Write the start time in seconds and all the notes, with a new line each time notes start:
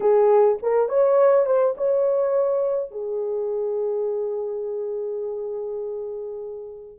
0.00 G#4
0.62 A#4
0.88 C#5
1.46 C5
1.77 C#5
2.91 G#4